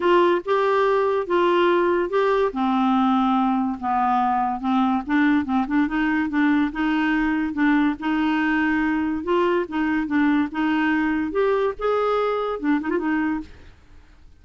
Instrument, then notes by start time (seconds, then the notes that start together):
clarinet
0.00 F4
0.45 G4
1.26 F4
2.09 G4
2.52 C4
3.80 B3
4.60 C4
5.06 D4
5.45 C4
5.67 D4
5.87 D#4
6.29 D4
6.72 D#4
7.53 D4
7.99 D#4
9.23 F4
9.68 D#4
10.06 D4
10.51 D#4
11.31 G4
11.78 G#4
12.59 D4
12.80 D#4
12.90 F4
12.98 D#4